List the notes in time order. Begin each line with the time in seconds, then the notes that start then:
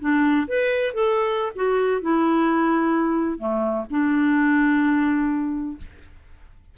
0.00 D4
0.48 B4
0.94 A4
1.55 F#4
2.01 E4
3.38 A3
3.90 D4